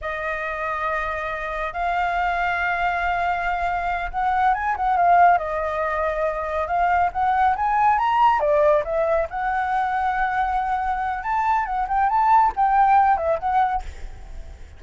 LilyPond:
\new Staff \with { instrumentName = "flute" } { \time 4/4 \tempo 4 = 139 dis''1 | f''1~ | f''4. fis''4 gis''8 fis''8 f''8~ | f''8 dis''2. f''8~ |
f''8 fis''4 gis''4 ais''4 d''8~ | d''8 e''4 fis''2~ fis''8~ | fis''2 a''4 fis''8 g''8 | a''4 g''4. e''8 fis''4 | }